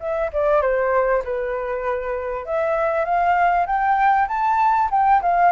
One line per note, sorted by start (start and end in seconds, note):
0.00 0.31 E5
0.33 0.62 D5
0.62 1.23 C5
1.24 2.45 B4
2.45 3.05 E5
3.05 3.66 F5
3.66 4.27 G5
4.28 4.89 A5
4.91 5.22 G5
5.22 5.52 F5